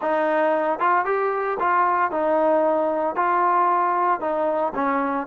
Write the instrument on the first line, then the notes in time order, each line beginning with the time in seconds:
trombone
0.01 D#4
0.79 F4
1.05 G4
1.59 F4
2.11 D#4
3.15 F4
4.20 D#4
4.75 C#4